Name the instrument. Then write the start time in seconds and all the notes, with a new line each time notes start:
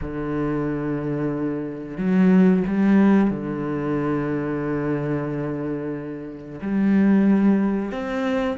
cello
0.01 D3
1.98 F#3
2.67 G3
3.30 D3
6.61 G3
7.91 C4